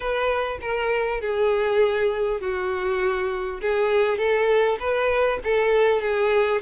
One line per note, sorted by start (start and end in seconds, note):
0.00 0.58 B4
0.61 1.20 A#4
1.20 2.40 G#4
2.40 3.60 F#4
3.61 4.18 G#4
4.18 4.78 A4
4.79 5.39 B4
5.44 6.01 A4
6.01 6.61 G#4